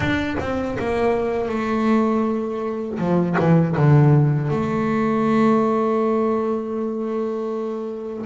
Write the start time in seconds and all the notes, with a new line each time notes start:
0.00 D4
0.40 C4
0.78 A#3
1.48 A3
2.98 F3
3.38 E3
3.76 D3
4.50 A3